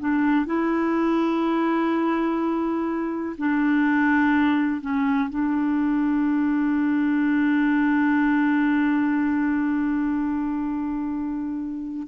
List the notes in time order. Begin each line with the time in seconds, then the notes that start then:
0.00 D4
0.46 E4
3.38 D4
4.81 C#4
5.30 D4